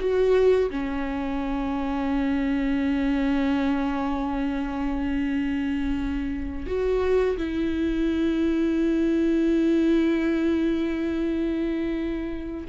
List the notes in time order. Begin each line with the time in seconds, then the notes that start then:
0.00 F#4
0.71 C#4
6.67 F#4
7.38 E4